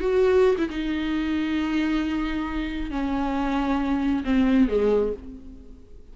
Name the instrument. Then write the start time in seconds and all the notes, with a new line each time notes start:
viola
0.00 F#4
0.58 E4
0.70 D#4
2.90 C#4
4.24 C4
4.68 G#3